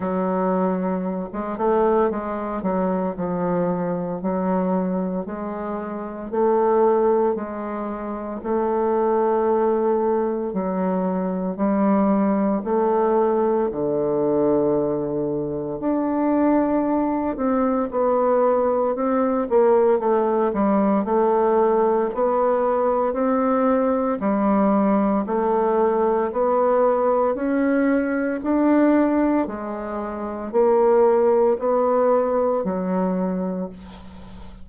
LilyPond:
\new Staff \with { instrumentName = "bassoon" } { \time 4/4 \tempo 4 = 57 fis4~ fis16 gis16 a8 gis8 fis8 f4 | fis4 gis4 a4 gis4 | a2 fis4 g4 | a4 d2 d'4~ |
d'8 c'8 b4 c'8 ais8 a8 g8 | a4 b4 c'4 g4 | a4 b4 cis'4 d'4 | gis4 ais4 b4 fis4 | }